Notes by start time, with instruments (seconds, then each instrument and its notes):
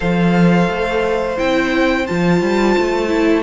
0.00 cello F3, viola A4, violin C5 F5
0.68 cello A3
1.37 cello C4, viola E4, violin G5
2.06 cello F3, viola F4, violin A5
2.41 cello G3
2.78 cello A3
3.07 viola E4